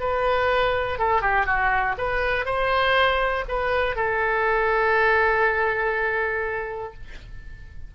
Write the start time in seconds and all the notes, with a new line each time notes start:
0.00 B4
0.99 A4
1.22 G4
1.46 F#4
1.98 B4
2.46 C5
3.48 B4
3.96 A4